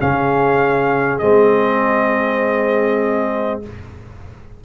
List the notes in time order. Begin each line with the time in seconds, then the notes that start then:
0.00 C#3 C#4 G#4 F5
1.19 G#3 C4 D#5